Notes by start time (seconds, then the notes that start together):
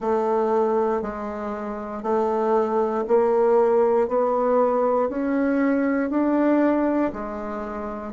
0.00 A3
1.02 G#3
2.02 A3
3.07 A#3
4.08 B3
5.09 C#4
6.10 D4
7.12 G#3